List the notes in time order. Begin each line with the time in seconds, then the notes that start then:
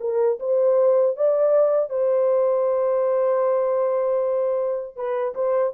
0.00 A#4
0.40 C5
1.16 D5
1.90 C5
4.96 B4
5.35 C5